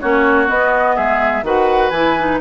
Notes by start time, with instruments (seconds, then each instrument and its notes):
0.00 bassoon A#3, clarinet C#4, oboe F#4, flute C#5
0.47 clarinet B3, bassoon B3, flute D#5
0.96 bassoon G#3, oboe G#4, flute E5
1.42 bassoon D#3, clarinet F#4, oboe B4, flute F#5
1.90 bassoon E3, clarinet E4, flute G#5
2.19 clarinet D#4